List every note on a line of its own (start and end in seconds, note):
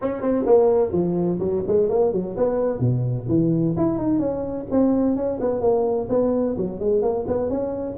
0.01 0.21 C#4
0.21 0.45 C4
0.46 0.91 A#3
0.91 1.38 F3
1.39 1.63 F#3
1.67 1.89 G#3
1.89 2.12 A#3
2.12 2.35 F#3
2.37 2.79 B3
2.79 3.26 B2
3.28 3.75 E3
3.76 3.97 E4
3.97 4.19 D#4
4.19 4.66 C#4
4.70 5.15 C4
5.15 5.39 C#4
5.40 5.61 B3
5.61 6.07 A#3
6.09 6.56 B3
6.57 6.79 F#3
6.79 7.02 G#3
7.02 7.25 A#3
7.27 7.49 B3
7.49 7.96 C#4